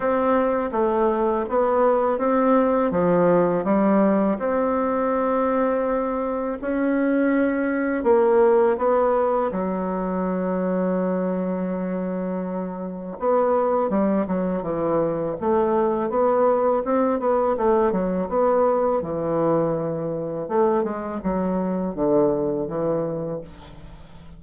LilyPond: \new Staff \with { instrumentName = "bassoon" } { \time 4/4 \tempo 4 = 82 c'4 a4 b4 c'4 | f4 g4 c'2~ | c'4 cis'2 ais4 | b4 fis2.~ |
fis2 b4 g8 fis8 | e4 a4 b4 c'8 b8 | a8 fis8 b4 e2 | a8 gis8 fis4 d4 e4 | }